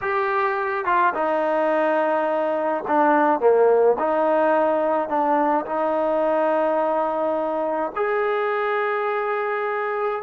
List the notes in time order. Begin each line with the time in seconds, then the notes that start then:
0.01 G4
0.85 F4
1.14 D#4
2.87 D4
3.40 A#3
3.99 D#4
5.08 D4
5.65 D#4
7.95 G#4